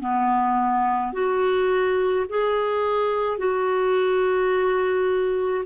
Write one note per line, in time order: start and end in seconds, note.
0.00 1.13 B3
1.13 2.26 F#4
2.29 3.38 G#4
3.38 5.64 F#4